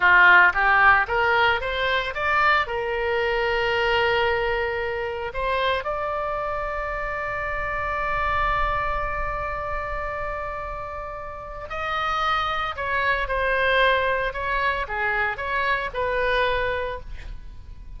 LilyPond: \new Staff \with { instrumentName = "oboe" } { \time 4/4 \tempo 4 = 113 f'4 g'4 ais'4 c''4 | d''4 ais'2.~ | ais'2 c''4 d''4~ | d''1~ |
d''1~ | d''2 dis''2 | cis''4 c''2 cis''4 | gis'4 cis''4 b'2 | }